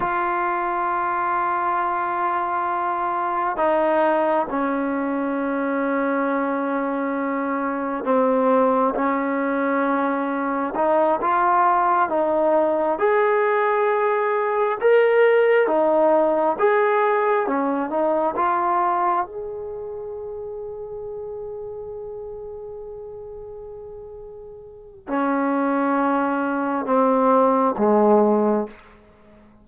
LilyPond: \new Staff \with { instrumentName = "trombone" } { \time 4/4 \tempo 4 = 67 f'1 | dis'4 cis'2.~ | cis'4 c'4 cis'2 | dis'8 f'4 dis'4 gis'4.~ |
gis'8 ais'4 dis'4 gis'4 cis'8 | dis'8 f'4 gis'2~ gis'8~ | gis'1 | cis'2 c'4 gis4 | }